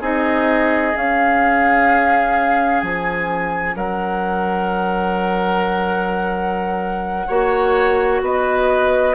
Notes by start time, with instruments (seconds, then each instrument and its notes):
0.00 bassoon C4, clarinet D#4, oboe G#4, flute D#5
0.92 clarinet C#4, bassoon C#4, flute F5
2.81 bassoon F3, flute G#5
3.75 bassoon F#3, oboe A#4, flute F#5
7.27 bassoon A#3, clarinet F#4, oboe C#5
8.21 bassoon B3, oboe B4, flute D#5